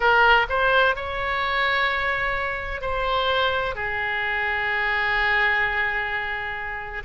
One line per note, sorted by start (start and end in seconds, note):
0.00 0.46 A#4
0.49 0.95 C5
0.95 2.81 C#5
2.81 3.75 C5
3.75 7.03 G#4